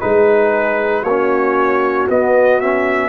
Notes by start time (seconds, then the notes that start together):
0.00 G#3 D#4 G#4 B4
1.02 A#3 F#4 C#5
1.09 C#4
2.09 B3 D#5
2.60 C#4 E5